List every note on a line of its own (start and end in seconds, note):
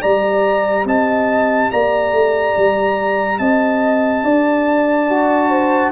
0.00 0.85 G3
0.00 5.07 G4
0.00 0.86 D5
0.00 0.86 A#5
0.85 1.69 C4
0.85 1.71 D#5
0.85 1.71 A5
1.71 2.12 A#3
1.71 3.40 D5
1.71 3.38 A#5
2.12 2.54 A3
2.57 3.39 G3
3.38 4.23 C4
3.38 4.24 D#5
3.38 5.92 A5
4.23 5.92 D4
4.23 5.49 D5
5.09 5.92 F#4
5.49 5.92 C5